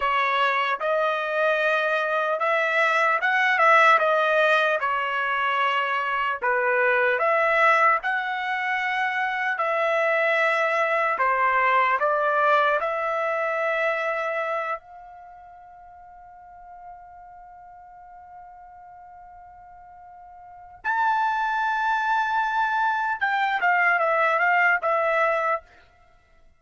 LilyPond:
\new Staff \with { instrumentName = "trumpet" } { \time 4/4 \tempo 4 = 75 cis''4 dis''2 e''4 | fis''8 e''8 dis''4 cis''2 | b'4 e''4 fis''2 | e''2 c''4 d''4 |
e''2~ e''8 f''4.~ | f''1~ | f''2 a''2~ | a''4 g''8 f''8 e''8 f''8 e''4 | }